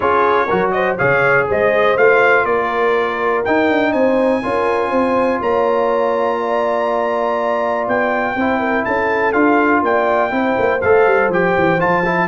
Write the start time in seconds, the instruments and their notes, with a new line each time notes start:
0.00 tuba C#4, trombone F4, horn G#4, trumpet C#5
0.46 tuba F#3, trombone F#4, horn A#4
0.71 horn C5, trumpet D#5
0.97 tuba C#3, trombone G#4, horn C#5, trumpet F5
1.48 tuba G#3, horn C5, trumpet D#5
1.96 tuba A3, trombone F4, trumpet F5
2.44 tuba A#3, horn A#4, trumpet D5
3.44 trombone D#4, tuba D#4, trumpet G5
3.70 tuba D4
3.92 tuba C4, horn C5, trumpet G#5
4.42 tuba C#4, trombone F4, horn A#4
4.90 tuba C4, horn C5
5.40 tuba A#3, horn C#5, trumpet A#5
6.40 horn D5
7.87 tuba B3, trumpet G5
8.35 tuba C4, trombone E4, horn C5
8.59 horn A#4
8.84 tuba C#4, horn A4, trumpet A5
9.32 tuba D4, trombone F4, trumpet F5
9.82 tuba A#3, horn D5, trumpet G5
10.30 tuba C4, trombone E4, horn C5
10.58 tuba A#3
10.81 tuba A3, trombone A4, trumpet F5
11.06 tuba G3
11.28 tuba F3, trombone G4, trumpet G5
11.57 tuba E3
11.79 tuba F3, trombone F4, trumpet A5
12.05 trombone E4